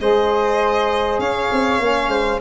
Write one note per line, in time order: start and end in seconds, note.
0.00 1.19 G#3
0.00 1.80 G#4
0.00 1.21 C5
0.00 1.20 D#5
1.19 1.49 C#4
1.19 2.10 C#5
1.19 2.40 F5
1.52 1.79 C4
1.79 2.08 A#3
1.79 2.40 C#4
2.08 2.38 G#3
2.08 2.40 C5